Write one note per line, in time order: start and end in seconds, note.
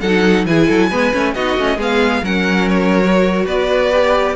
0.00 0.46 F#3
0.00 0.47 D#4
0.00 0.45 A4
0.00 0.45 F#5
0.46 0.68 E3
0.46 0.91 E4
0.46 0.66 G#4
0.46 1.34 G#5
0.66 0.91 F#3
0.66 0.89 A4
0.89 1.13 G#3
0.89 1.12 B3
0.89 1.34 B4
1.12 1.35 A3
1.12 1.34 C#4
1.34 1.57 B3
1.34 1.58 D#4
1.34 1.77 F#4
1.34 1.79 D#5
1.57 1.77 A3
1.57 1.78 C#4
1.77 2.21 G#3
1.77 2.23 B3
1.77 2.22 G#4
1.77 2.25 F5
2.22 3.45 F#3
2.22 3.02 C#4
2.22 3.44 A#4
2.22 2.68 F#5
2.68 3.46 C#5
3.04 3.92 F#4
3.44 4.36 B3
3.44 4.34 B4
3.44 4.36 D5
3.92 4.36 G4